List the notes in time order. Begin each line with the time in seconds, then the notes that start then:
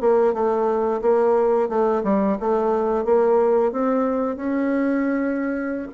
0.00 A#3
0.33 A3
1.01 A#3
1.69 A3
2.03 G3
2.39 A3
3.05 A#3
3.72 C4
4.36 C#4